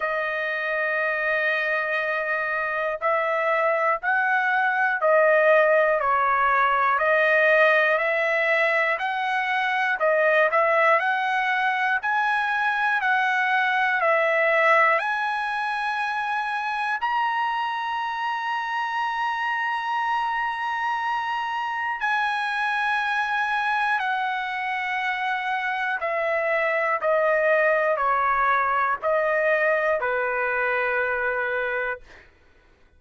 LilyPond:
\new Staff \with { instrumentName = "trumpet" } { \time 4/4 \tempo 4 = 60 dis''2. e''4 | fis''4 dis''4 cis''4 dis''4 | e''4 fis''4 dis''8 e''8 fis''4 | gis''4 fis''4 e''4 gis''4~ |
gis''4 ais''2.~ | ais''2 gis''2 | fis''2 e''4 dis''4 | cis''4 dis''4 b'2 | }